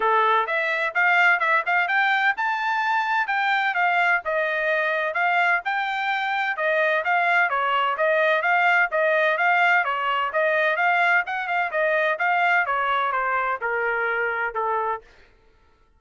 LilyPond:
\new Staff \with { instrumentName = "trumpet" } { \time 4/4 \tempo 4 = 128 a'4 e''4 f''4 e''8 f''8 | g''4 a''2 g''4 | f''4 dis''2 f''4 | g''2 dis''4 f''4 |
cis''4 dis''4 f''4 dis''4 | f''4 cis''4 dis''4 f''4 | fis''8 f''8 dis''4 f''4 cis''4 | c''4 ais'2 a'4 | }